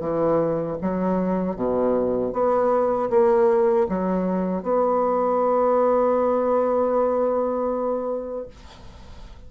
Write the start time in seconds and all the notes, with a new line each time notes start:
0.00 E3
0.81 F#3
1.56 B2
2.33 B3
3.10 A#3
3.88 F#3
4.63 B3